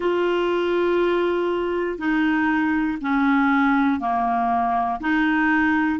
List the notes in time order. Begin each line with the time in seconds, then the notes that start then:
0.00 F4
1.98 D#4
3.01 C#4
4.00 A#3
5.00 D#4